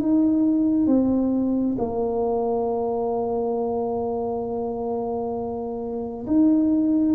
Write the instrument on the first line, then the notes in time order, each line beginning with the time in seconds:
tuba
0.00 D#4
0.87 C4
1.78 A#3
6.27 D#4